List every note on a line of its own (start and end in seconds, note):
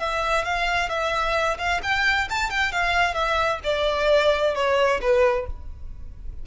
0.00 0.45 E5
0.45 0.90 F5
0.90 1.58 E5
1.58 1.81 F5
1.83 2.29 G5
2.30 2.50 A5
2.50 2.72 G5
2.72 3.15 F5
3.15 3.60 E5
3.64 4.55 D5
4.55 5.01 C#5
5.01 5.47 B4